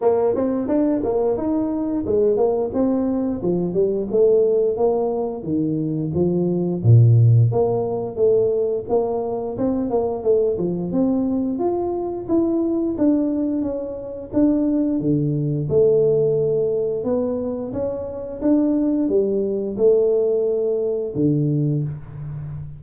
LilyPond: \new Staff \with { instrumentName = "tuba" } { \time 4/4 \tempo 4 = 88 ais8 c'8 d'8 ais8 dis'4 gis8 ais8 | c'4 f8 g8 a4 ais4 | dis4 f4 ais,4 ais4 | a4 ais4 c'8 ais8 a8 f8 |
c'4 f'4 e'4 d'4 | cis'4 d'4 d4 a4~ | a4 b4 cis'4 d'4 | g4 a2 d4 | }